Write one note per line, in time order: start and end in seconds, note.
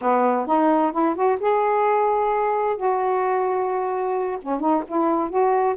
0.01 0.46 B3
0.46 0.91 D#4
0.91 1.15 E4
1.15 1.38 F#4
1.40 2.77 G#4
2.77 4.38 F#4
4.41 4.60 C#4
4.60 4.83 D#4
4.87 5.29 E4
5.29 5.75 F#4